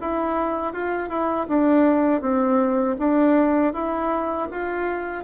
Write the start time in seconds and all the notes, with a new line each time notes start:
0.00 E4
0.73 F4
1.09 E4
1.48 D4
2.21 C4
2.98 D4
3.73 E4
4.51 F4